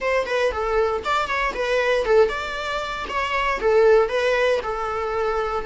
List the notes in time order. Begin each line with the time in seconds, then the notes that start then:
0.00 C5
0.26 B4
0.51 A4
1.04 D5
1.27 C#5
1.54 B4
2.05 A4
2.28 D5
3.08 C#5
3.60 A4
4.08 B4
4.62 A4